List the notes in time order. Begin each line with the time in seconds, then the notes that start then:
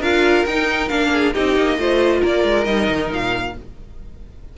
0.00 D4 F4 A#4 F5
0.46 D#4 G5
0.89 A#3 D4 F5
1.13 G#4
1.34 C4 D#4 G4 D#5
1.57 A#3
1.78 A3 F4 C5
2.21 A#3 A#4 D5
2.44 G#3
2.65 G3 D#4 D#5
2.89 D#3
3.12 A#2 F5